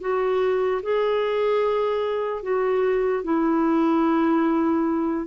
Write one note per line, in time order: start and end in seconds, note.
0.00 0.81 F#4
0.82 2.43 G#4
2.43 3.24 F#4
3.24 5.26 E4